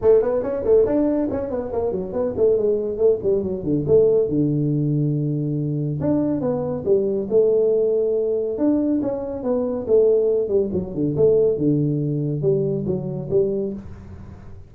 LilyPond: \new Staff \with { instrumentName = "tuba" } { \time 4/4 \tempo 4 = 140 a8 b8 cis'8 a8 d'4 cis'8 b8 | ais8 fis8 b8 a8 gis4 a8 g8 | fis8 d8 a4 d2~ | d2 d'4 b4 |
g4 a2. | d'4 cis'4 b4 a4~ | a8 g8 fis8 d8 a4 d4~ | d4 g4 fis4 g4 | }